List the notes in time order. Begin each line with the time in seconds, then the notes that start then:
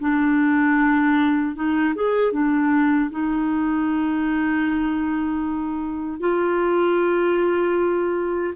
0.00 D4
1.55 D#4
1.95 G#4
2.32 D4
3.10 D#4
6.20 F4